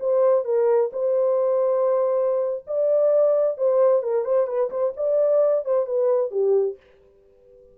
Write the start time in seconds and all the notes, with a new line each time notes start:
0.00 C5
0.45 A#4
0.93 C5
2.67 D5
3.57 C5
4.03 A#4
4.25 C5
4.47 B4
4.71 C5
4.97 D5
5.65 C5
5.86 B4
6.31 G4